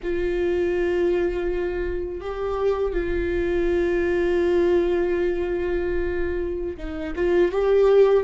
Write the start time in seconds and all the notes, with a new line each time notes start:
0.02 F4
2.20 G4
2.92 F4
6.77 D#4
7.15 F4
7.51 G4